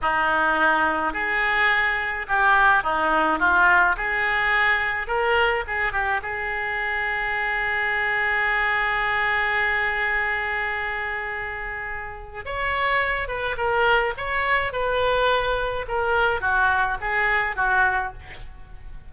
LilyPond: \new Staff \with { instrumentName = "oboe" } { \time 4/4 \tempo 4 = 106 dis'2 gis'2 | g'4 dis'4 f'4 gis'4~ | gis'4 ais'4 gis'8 g'8 gis'4~ | gis'1~ |
gis'1~ | gis'2 cis''4. b'8 | ais'4 cis''4 b'2 | ais'4 fis'4 gis'4 fis'4 | }